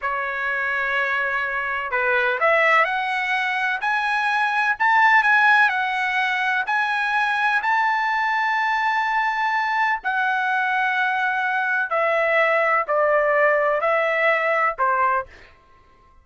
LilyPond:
\new Staff \with { instrumentName = "trumpet" } { \time 4/4 \tempo 4 = 126 cis''1 | b'4 e''4 fis''2 | gis''2 a''4 gis''4 | fis''2 gis''2 |
a''1~ | a''4 fis''2.~ | fis''4 e''2 d''4~ | d''4 e''2 c''4 | }